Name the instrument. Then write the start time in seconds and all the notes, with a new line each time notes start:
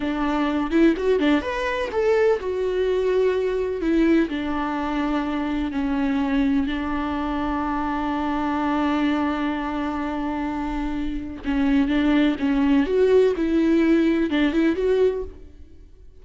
viola
0.00 D4
0.70 E4
0.97 F#4
1.19 D4
1.41 B4
1.92 A4
2.39 F#4
3.81 E4
4.29 D4
5.71 C#4
6.67 D4
11.44 C#4
11.88 D4
12.39 C#4
12.86 F#4
13.36 E4
14.29 D4
14.52 E4
14.75 F#4